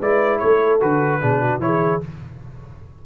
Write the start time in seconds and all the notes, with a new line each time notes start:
0.00 G#3 E4 B4 D5
0.39 A3 A4 C#5
0.81 D3 F#4 B4
1.21 B2 D4 G#4
1.41 F#4
1.59 E3 E4 C#5
1.66 G#4